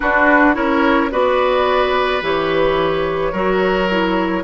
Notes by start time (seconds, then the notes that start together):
0.00 D4 F#4 B4
0.53 C#4 E4 A#4 C#5
1.10 B3 F#4 B4 D5
2.22 E3 G4 C#5
3.31 F#3 F#4 A#4
3.89 E4